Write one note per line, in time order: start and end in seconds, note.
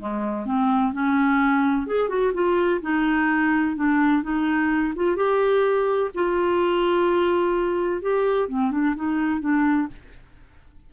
0.00 0.46 G#3
0.46 0.93 C4
0.93 1.87 C#4
1.87 2.09 G#4
2.09 2.33 F#4
2.34 2.81 F4
2.82 3.76 D#4
3.76 4.23 D4
4.23 4.94 D#4
4.96 5.16 F4
5.16 6.11 G4
6.14 8.02 F4
8.02 8.49 G4
8.49 8.71 C4
8.71 8.95 D4
8.96 9.40 D#4
9.40 9.88 D4